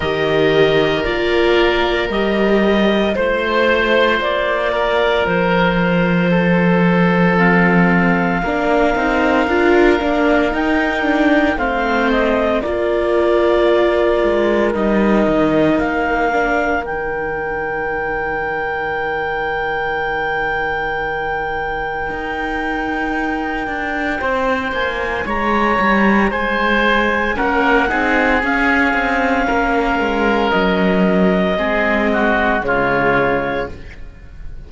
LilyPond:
<<
  \new Staff \with { instrumentName = "clarinet" } { \time 4/4 \tempo 4 = 57 dis''4 d''4 dis''4 c''4 | d''4 c''2 f''4~ | f''2 g''4 f''8 dis''8 | d''2 dis''4 f''4 |
g''1~ | g''2.~ g''8 gis''8 | ais''4 gis''4 fis''4 f''4~ | f''4 dis''2 cis''4 | }
  \new Staff \with { instrumentName = "oboe" } { \time 4/4 ais'2. c''4~ | c''8 ais'4. a'2 | ais'2. c''4 | ais'1~ |
ais'1~ | ais'2. c''4 | cis''4 c''4 ais'8 gis'4. | ais'2 gis'8 fis'8 f'4 | }
  \new Staff \with { instrumentName = "viola" } { \time 4/4 g'4 f'4 g'4 f'4~ | f'2. c'4 | d'8 dis'8 f'8 d'8 dis'8 d'8 c'4 | f'2 dis'4. d'8 |
dis'1~ | dis'1~ | dis'2 cis'8 dis'8 cis'4~ | cis'2 c'4 gis4 | }
  \new Staff \with { instrumentName = "cello" } { \time 4/4 dis4 ais4 g4 a4 | ais4 f2. | ais8 c'8 d'8 ais8 dis'4 a4 | ais4. gis8 g8 dis8 ais4 |
dis1~ | dis4 dis'4. d'8 c'8 ais8 | gis8 g8 gis4 ais8 c'8 cis'8 c'8 | ais8 gis8 fis4 gis4 cis4 | }
>>